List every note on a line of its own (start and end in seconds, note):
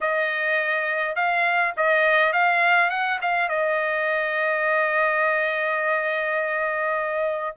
0.00 1.15 D#5
1.15 1.73 F5
1.77 2.32 D#5
2.32 2.90 F5
2.90 3.19 F#5
3.21 3.48 F5
3.48 7.56 D#5